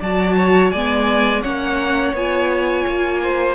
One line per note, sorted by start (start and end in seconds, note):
0.00 0.73 F#3
0.00 0.75 F#4
0.00 0.36 D5
0.00 0.71 A5
0.36 0.72 C#5
0.71 1.45 G#3
0.71 1.43 B3
0.71 1.43 D5
0.71 1.42 G#5
1.43 2.13 A#3
1.43 2.15 C#4
1.43 3.22 C#5
1.43 2.14 F#5
2.13 2.85 B3
2.13 3.55 F4
2.13 3.55 G#5
2.87 3.55 A#3
3.23 3.55 C5